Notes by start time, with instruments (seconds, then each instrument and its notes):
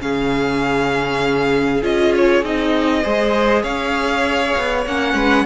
0.00 cello C#3, viola C#4, violin G#4 F5
1.83 cello C#4, viola F4, violin D#5
2.15 violin C#5
2.43 cello C4, viola D#4, violin D#5
3.03 cello G#3, viola G#4, violin C5
3.63 cello C#4, violin C#5 F5
4.58 cello B3
4.86 cello A#3, viola C#4, violin F#5
5.14 cello G#3, violin B4